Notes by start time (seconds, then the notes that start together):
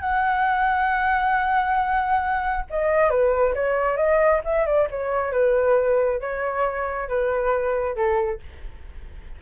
0.00 F#5
2.70 D#5
3.10 B4
3.55 C#5
3.97 D#5
4.44 E5
4.66 D5
4.90 C#5
5.32 B4
6.20 C#5
7.08 B4
7.96 A4